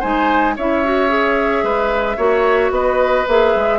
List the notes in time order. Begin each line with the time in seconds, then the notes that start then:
0.00 G#3 D#4 C5 G#5
0.56 C#4 E4 C#5 E5
0.85 F#4
1.09 G#4
1.63 G#3 B4
2.17 A#3 F#4 C#5
2.71 B3 B4 D#5
3.28 A#3 G#4 E5
3.56 G#3